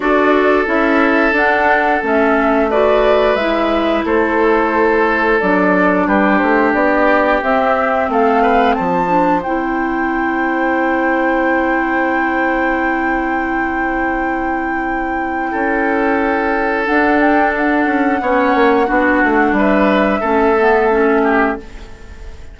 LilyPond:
<<
  \new Staff \with { instrumentName = "flute" } { \time 4/4 \tempo 4 = 89 d''4 e''4 fis''4 e''4 | d''4 e''4 c''2 | d''4 b'8 c''8 d''4 e''4 | f''4 a''4 g''2~ |
g''1~ | g''1~ | g''4 fis''8 g''8 fis''2~ | fis''4 e''2. | }
  \new Staff \with { instrumentName = "oboe" } { \time 4/4 a'1 | b'2 a'2~ | a'4 g'2. | a'8 b'8 c''2.~ |
c''1~ | c''2. a'4~ | a'2. cis''4 | fis'4 b'4 a'4. g'8 | }
  \new Staff \with { instrumentName = "clarinet" } { \time 4/4 fis'4 e'4 d'4 cis'4 | fis'4 e'2. | d'2. c'4~ | c'4. d'8 e'2~ |
e'1~ | e'1~ | e'4 d'2 cis'4 | d'2 cis'8 b8 cis'4 | }
  \new Staff \with { instrumentName = "bassoon" } { \time 4/4 d'4 cis'4 d'4 a4~ | a4 gis4 a2 | fis4 g8 a8 b4 c'4 | a4 f4 c'2~ |
c'1~ | c'2. cis'4~ | cis'4 d'4. cis'8 b8 ais8 | b8 a8 g4 a2 | }
>>